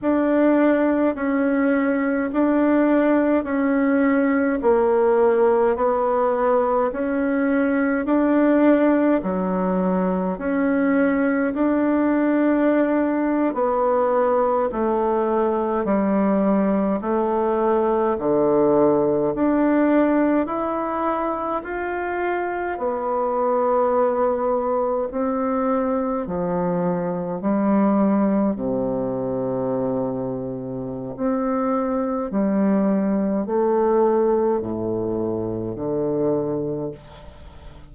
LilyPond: \new Staff \with { instrumentName = "bassoon" } { \time 4/4 \tempo 4 = 52 d'4 cis'4 d'4 cis'4 | ais4 b4 cis'4 d'4 | fis4 cis'4 d'4.~ d'16 b16~ | b8. a4 g4 a4 d16~ |
d8. d'4 e'4 f'4 b16~ | b4.~ b16 c'4 f4 g16~ | g8. c2~ c16 c'4 | g4 a4 a,4 d4 | }